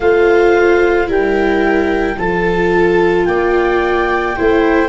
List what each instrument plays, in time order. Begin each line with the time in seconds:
0.00 tuba A3, viola F4 C5, clarinet F5
1.06 tuba G3, viola E4 A#4, clarinet G5
2.17 tuba F3, viola F4 A4, clarinet A5
3.25 tuba A#3, viola D5, clarinet G5
4.35 tuba A3, viola E4 C5